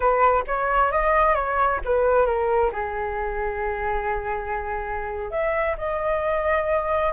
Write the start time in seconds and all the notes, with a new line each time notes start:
0.00 B4
0.47 C#5
0.91 D#5
1.34 C#5
1.84 B4
2.26 A#4
2.72 G#4
5.30 E5
5.77 D#5